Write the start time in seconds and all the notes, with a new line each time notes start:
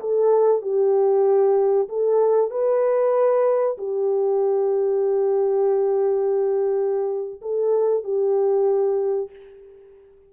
0.00 A4
0.61 G4
1.88 A4
2.50 B4
3.78 G4
7.41 A4
8.04 G4